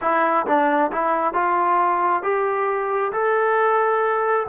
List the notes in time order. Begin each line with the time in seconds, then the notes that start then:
0.01 E4
0.46 D4
0.91 E4
1.33 F4
2.22 G4
3.12 A4